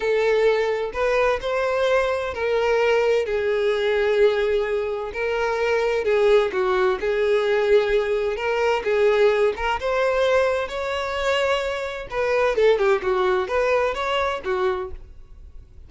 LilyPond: \new Staff \with { instrumentName = "violin" } { \time 4/4 \tempo 4 = 129 a'2 b'4 c''4~ | c''4 ais'2 gis'4~ | gis'2. ais'4~ | ais'4 gis'4 fis'4 gis'4~ |
gis'2 ais'4 gis'4~ | gis'8 ais'8 c''2 cis''4~ | cis''2 b'4 a'8 g'8 | fis'4 b'4 cis''4 fis'4 | }